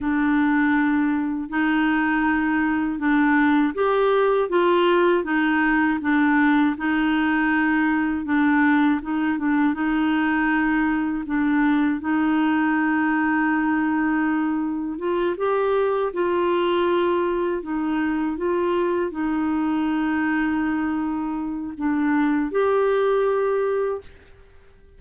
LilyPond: \new Staff \with { instrumentName = "clarinet" } { \time 4/4 \tempo 4 = 80 d'2 dis'2 | d'4 g'4 f'4 dis'4 | d'4 dis'2 d'4 | dis'8 d'8 dis'2 d'4 |
dis'1 | f'8 g'4 f'2 dis'8~ | dis'8 f'4 dis'2~ dis'8~ | dis'4 d'4 g'2 | }